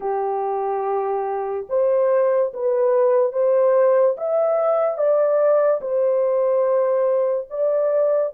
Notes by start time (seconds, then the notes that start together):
0.00 G4
1.69 C5
2.53 B4
3.32 C5
4.17 E5
4.97 D5
5.81 C5
7.50 D5